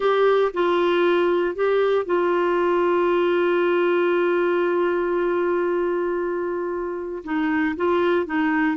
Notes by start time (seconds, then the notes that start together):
0.00 G4
0.53 F4
1.55 G4
2.05 F4
7.23 D#4
7.76 F4
8.26 D#4